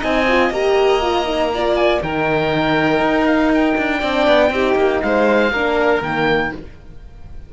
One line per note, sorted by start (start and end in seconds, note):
0.00 0.50 C4
0.00 0.25 D#4
0.00 1.50 D#5
0.00 0.53 G#5
0.28 0.53 F4
0.50 2.00 A#3
0.50 1.02 G4
0.50 1.76 A#5
1.02 1.25 F4
1.25 1.50 D#4
1.54 2.02 F4
1.54 2.03 D5
1.76 2.01 G#5
2.02 3.00 D#3
2.02 4.01 D#4
2.02 3.99 A#4
2.02 3.27 G5
3.00 3.75 D#4
3.27 3.52 F5
3.55 5.02 G5
3.78 4.03 D4
3.99 4.28 C4
3.99 4.51 D4
3.99 4.49 D5
4.28 4.50 B3
4.50 4.75 C4
4.50 5.51 D#4
4.50 5.03 G4
4.76 5.01 A#3
5.02 5.52 G#3
5.02 5.52 C5
5.02 6.02 F5
5.52 6.02 A#3
5.52 6.03 D4
5.52 6.52 A#4
6.02 6.52 D#3
6.02 6.53 A#3
6.02 6.53 G5